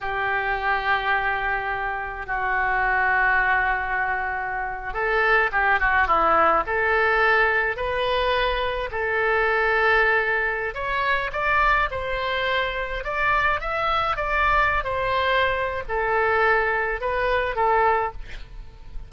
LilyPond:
\new Staff \with { instrumentName = "oboe" } { \time 4/4 \tempo 4 = 106 g'1 | fis'1~ | fis'8. a'4 g'8 fis'8 e'4 a'16~ | a'4.~ a'16 b'2 a'16~ |
a'2. cis''4 | d''4 c''2 d''4 | e''4 d''4~ d''16 c''4.~ c''16 | a'2 b'4 a'4 | }